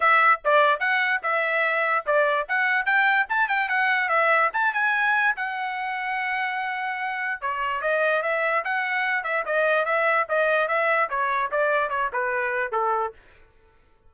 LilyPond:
\new Staff \with { instrumentName = "trumpet" } { \time 4/4 \tempo 4 = 146 e''4 d''4 fis''4 e''4~ | e''4 d''4 fis''4 g''4 | a''8 g''8 fis''4 e''4 a''8 gis''8~ | gis''4 fis''2.~ |
fis''2 cis''4 dis''4 | e''4 fis''4. e''8 dis''4 | e''4 dis''4 e''4 cis''4 | d''4 cis''8 b'4. a'4 | }